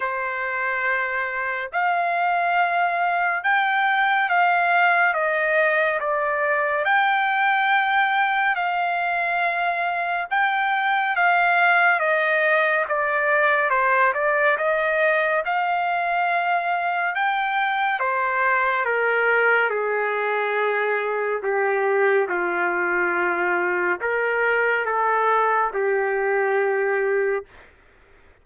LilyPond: \new Staff \with { instrumentName = "trumpet" } { \time 4/4 \tempo 4 = 70 c''2 f''2 | g''4 f''4 dis''4 d''4 | g''2 f''2 | g''4 f''4 dis''4 d''4 |
c''8 d''8 dis''4 f''2 | g''4 c''4 ais'4 gis'4~ | gis'4 g'4 f'2 | ais'4 a'4 g'2 | }